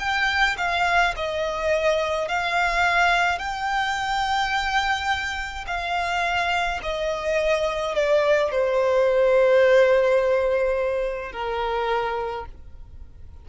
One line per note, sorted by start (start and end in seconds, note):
0.00 0.57 G5
0.58 1.14 F5
1.16 2.28 D#5
2.28 3.39 F5
3.39 5.66 G5
5.67 6.80 F5
6.83 7.95 D#5
7.95 8.52 D5
8.52 11.33 C5
11.33 12.46 A#4